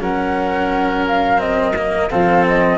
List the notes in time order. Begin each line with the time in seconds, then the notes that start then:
0.00 F#3 C#4 A#4 F#5
1.07 F5
1.38 C4 D#5
1.76 A#3
2.10 F3 C4 A4 F5
2.48 D#5